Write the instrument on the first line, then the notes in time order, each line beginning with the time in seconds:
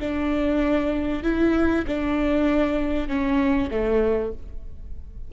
viola
0.00 D4
1.24 E4
1.88 D4
3.08 C#4
3.71 A3